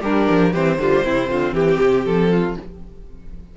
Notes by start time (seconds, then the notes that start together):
0.00 G3 D4 G4 A#4
0.30 F3
0.52 E3 C4 G4 C5
0.78 D3 G3 F4
1.04 C3 C4 E4
1.29 D3 F4
1.53 E3 G4
1.81 C3
2.05 F3 A4
2.30 F4